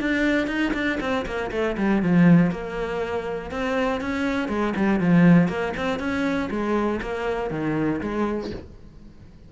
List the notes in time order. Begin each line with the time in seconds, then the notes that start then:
0.00 D4
0.47 D#4
0.74 D4
1.00 C4
1.26 A#3
1.51 A3
1.77 G3
2.02 F3
2.51 A#3
3.51 C4
4.00 C#4
4.48 G#3
4.76 G3
5.00 F3
5.48 A#3
5.77 C4
5.99 C#4
6.50 G#3
7.02 A#3
7.50 D#3
8.00 G#3